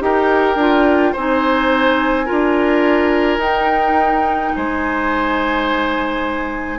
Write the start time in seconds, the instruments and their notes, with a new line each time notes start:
0.00 bassoon D#4, clarinet G4, oboe A#4, flute G5
0.55 bassoon D4, clarinet F4
1.12 bassoon C4, clarinet D#4, oboe C5, flute G#5
2.26 bassoon D4, clarinet F4, oboe A#4
3.38 bassoon D#4, clarinet D#4, flute G5
4.55 bassoon G#3, oboe C5, flute G#5